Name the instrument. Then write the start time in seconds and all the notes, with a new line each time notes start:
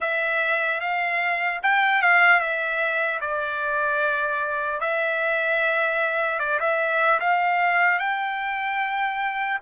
trumpet
0.00 E5
0.80 F5
1.63 G5
2.02 F5
2.40 E5
3.20 D5
4.80 E5
6.39 D5
6.59 E5
7.20 F5
7.99 G5